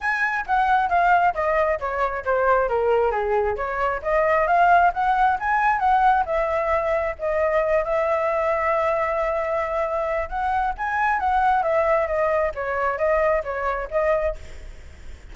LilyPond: \new Staff \with { instrumentName = "flute" } { \time 4/4 \tempo 4 = 134 gis''4 fis''4 f''4 dis''4 | cis''4 c''4 ais'4 gis'4 | cis''4 dis''4 f''4 fis''4 | gis''4 fis''4 e''2 |
dis''4. e''2~ e''8~ | e''2. fis''4 | gis''4 fis''4 e''4 dis''4 | cis''4 dis''4 cis''4 dis''4 | }